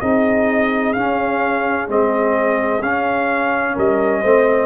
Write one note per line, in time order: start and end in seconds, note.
0.00 0.95 C4
0.00 0.96 D#4
0.00 3.74 G#4
0.00 0.93 D#5
0.93 1.88 C#4
0.93 1.87 F5
1.88 2.81 G#3
1.88 2.82 C4
1.88 2.82 D#5
2.81 3.75 C#4
2.81 4.24 C#4
2.81 3.76 F5
3.74 4.23 G3
3.74 4.21 A#4
3.74 4.66 D#5
4.21 4.66 A3
4.21 4.66 C4
4.21 4.66 C5